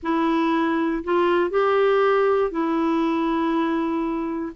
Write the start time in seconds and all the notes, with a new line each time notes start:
0.02 E4
1.04 F4
1.50 G4
2.50 E4